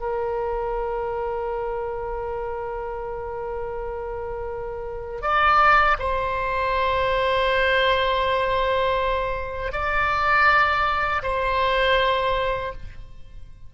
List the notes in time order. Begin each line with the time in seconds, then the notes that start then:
0.00 A#4
5.22 D5
5.99 C5
9.73 D5
11.23 C5